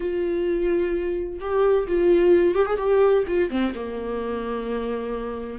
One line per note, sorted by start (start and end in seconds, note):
0.00 1.39 F4
1.40 1.86 G4
1.87 2.55 F4
2.55 2.66 G4
2.66 2.77 G#4
2.77 3.23 G4
3.27 3.49 F4
3.49 3.73 C4
3.74 5.58 A#3